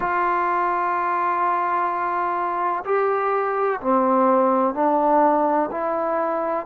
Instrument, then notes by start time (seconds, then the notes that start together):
trombone
0.00 F4
2.84 G4
3.81 C4
4.74 D4
5.71 E4